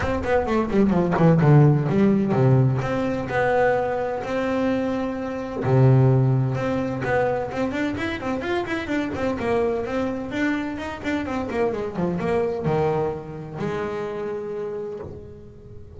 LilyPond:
\new Staff \with { instrumentName = "double bass" } { \time 4/4 \tempo 4 = 128 c'8 b8 a8 g8 f8 e8 d4 | g4 c4 c'4 b4~ | b4 c'2. | c2 c'4 b4 |
c'8 d'8 e'8 c'8 f'8 e'8 d'8 c'8 | ais4 c'4 d'4 dis'8 d'8 | c'8 ais8 gis8 f8 ais4 dis4~ | dis4 gis2. | }